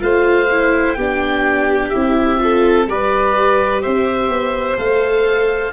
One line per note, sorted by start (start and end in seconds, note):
0.00 0.97 A3
0.00 0.48 F4
0.00 0.97 C5
0.00 0.94 F5
0.52 0.99 E4
0.94 1.92 B3
0.94 1.94 D4
0.94 2.40 G4
0.94 1.89 G5
1.90 2.87 C4
1.90 2.38 E4
1.90 2.85 E5
2.38 2.86 F4
2.38 2.90 A4
2.87 3.83 G3
2.87 4.77 G4
2.87 3.83 B4
2.87 3.82 D5
3.82 4.29 C4
3.82 5.73 C5
3.82 4.78 E5
4.29 4.77 B3
4.77 5.73 A3
4.77 5.72 A4
4.77 5.73 F5